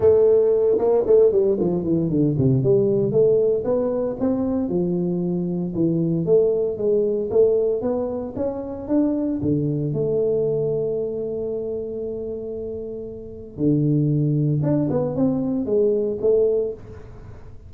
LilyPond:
\new Staff \with { instrumentName = "tuba" } { \time 4/4 \tempo 4 = 115 a4. ais8 a8 g8 f8 e8 | d8 c8 g4 a4 b4 | c'4 f2 e4 | a4 gis4 a4 b4 |
cis'4 d'4 d4 a4~ | a1~ | a2 d2 | d'8 b8 c'4 gis4 a4 | }